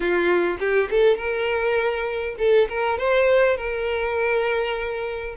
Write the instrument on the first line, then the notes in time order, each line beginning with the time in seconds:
violin
0.00 F4
0.59 G4
0.90 A4
1.17 A#4
2.38 A4
2.69 A#4
2.98 C5
3.56 A#4